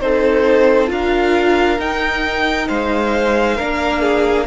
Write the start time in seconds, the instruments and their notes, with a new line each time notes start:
0.00 cello C4, viola D#4, violin A4 C5
0.88 cello D4, viola F4, violin A#4 F5
1.79 viola D#4, cello D#4, violin G5
2.68 cello G#3, violin C5 F5
3.57 cello A#3, viola D4, violin A#4
4.02 violin G#4